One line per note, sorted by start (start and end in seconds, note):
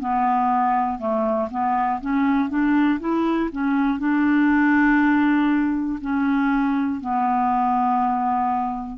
0.00 0.99 B3
0.99 1.49 A3
1.50 2.00 B3
2.01 2.50 C#4
2.50 3.00 D4
3.00 3.50 E4
3.52 3.99 C#4
3.99 5.99 D4
6.01 7.00 C#4
7.00 8.98 B3